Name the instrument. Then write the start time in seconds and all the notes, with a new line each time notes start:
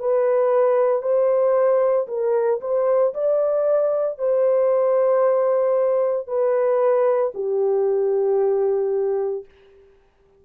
horn
0.00 B4
1.02 C5
2.08 A#4
2.61 C5
3.14 D5
4.19 C5
6.27 B4
7.34 G4